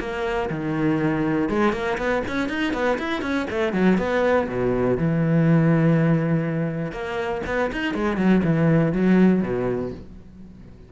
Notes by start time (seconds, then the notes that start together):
0.00 A#3
0.50 D#3
1.49 G#3
1.73 A#3
1.98 B3
2.28 C#4
2.50 D#4
2.73 B3
2.99 E4
3.22 C#4
3.50 A3
3.73 F#3
3.98 B3
4.48 B2
4.97 E3
6.92 A#3
7.47 B3
7.72 D#4
7.94 G#3
8.17 F#3
8.44 E3
8.93 F#3
9.42 B2